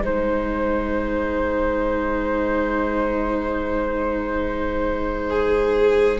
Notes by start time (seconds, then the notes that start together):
0.00 G#3 D#4 C5
5.30 G#4